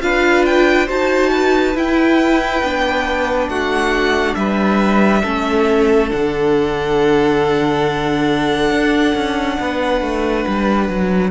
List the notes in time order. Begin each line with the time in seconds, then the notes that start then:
0.00 D4 F4 B4 F5
0.45 G5
0.86 D#4 F#4 C5 A5
1.32 B4
1.75 E4 G5
2.63 B3 D4
3.48 A3 F#4 F#5
4.35 G3 B4 E5
5.22 A3 C#4 A4
6.09 D3 D4 F#5
8.70 D4
9.14 C#4
9.60 B3 B4
10.01 A3
10.47 G3
10.89 F#3